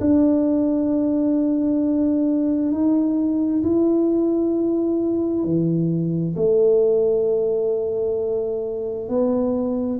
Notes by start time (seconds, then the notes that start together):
0.00 D4
2.71 D#4
3.63 E4
5.44 E3
6.36 A3
9.08 B3